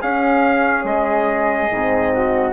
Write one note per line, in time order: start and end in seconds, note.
0.00 1.70 C#4
0.00 0.84 C#4
0.00 2.11 G#4
0.00 0.86 F5
0.84 1.68 G#3
0.84 2.53 D#5
1.71 2.53 G#2
1.71 2.53 C4
2.12 2.53 F#4